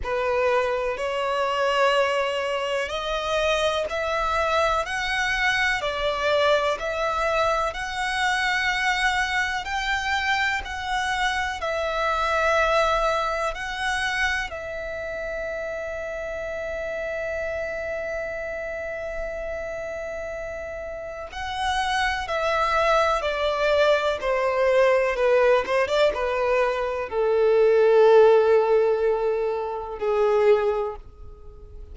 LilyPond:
\new Staff \with { instrumentName = "violin" } { \time 4/4 \tempo 4 = 62 b'4 cis''2 dis''4 | e''4 fis''4 d''4 e''4 | fis''2 g''4 fis''4 | e''2 fis''4 e''4~ |
e''1~ | e''2 fis''4 e''4 | d''4 c''4 b'8 c''16 d''16 b'4 | a'2. gis'4 | }